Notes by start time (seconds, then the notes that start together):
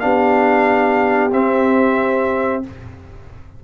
0.00 B3 D4 G4 F5
1.33 C4 E5